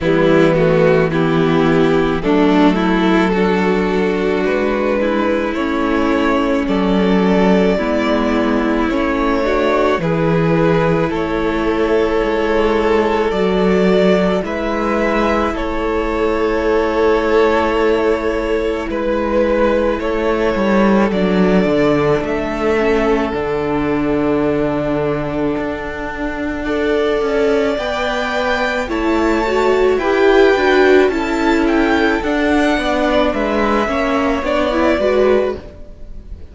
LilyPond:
<<
  \new Staff \with { instrumentName = "violin" } { \time 4/4 \tempo 4 = 54 e'8 fis'8 g'4 a'2 | b'4 cis''4 d''2 | cis''4 b'4 cis''2 | d''4 e''4 cis''2~ |
cis''4 b'4 cis''4 d''4 | e''4 fis''2.~ | fis''4 g''4 a''4 g''4 | a''8 g''8 fis''4 e''4 d''4 | }
  \new Staff \with { instrumentName = "violin" } { \time 4/4 b4 e'4 d'8 e'8 fis'4~ | fis'8 e'4. a'4 e'4~ | e'8 fis'8 gis'4 a'2~ | a'4 b'4 a'2~ |
a'4 b'4 a'2~ | a'1 | d''2 cis''4 b'4 | a'4. d''8 b'8 cis''4 b'8 | }
  \new Staff \with { instrumentName = "viola" } { \time 4/4 g8 a8 b4 a4 d'4~ | d'4 cis'2 b4 | cis'8 d'8 e'2. | fis'4 e'2.~ |
e'2. d'4~ | d'8 cis'8 d'2. | a'4 b'4 e'8 fis'8 g'8 fis'8 | e'4 d'4. cis'8 d'16 e'16 fis'8 | }
  \new Staff \with { instrumentName = "cello" } { \time 4/4 e2 fis2 | gis4 a4 fis4 gis4 | a4 e4 a4 gis4 | fis4 gis4 a2~ |
a4 gis4 a8 g8 fis8 d8 | a4 d2 d'4~ | d'8 cis'8 b4 a4 e'8 d'8 | cis'4 d'8 b8 gis8 ais8 b8 gis8 | }
>>